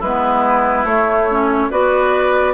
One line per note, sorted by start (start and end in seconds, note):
0.00 0.84 G#3
0.00 1.69 E4
0.00 0.86 B4
0.06 0.86 B3
0.84 1.69 A3
0.84 1.29 A3
0.84 1.70 C#5
1.31 1.71 C#4
1.71 2.54 B3
1.71 2.54 F#4
1.71 2.54 B4
1.71 2.54 D5